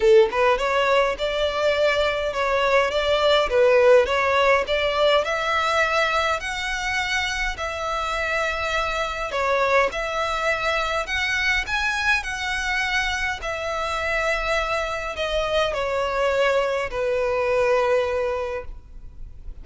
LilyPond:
\new Staff \with { instrumentName = "violin" } { \time 4/4 \tempo 4 = 103 a'8 b'8 cis''4 d''2 | cis''4 d''4 b'4 cis''4 | d''4 e''2 fis''4~ | fis''4 e''2. |
cis''4 e''2 fis''4 | gis''4 fis''2 e''4~ | e''2 dis''4 cis''4~ | cis''4 b'2. | }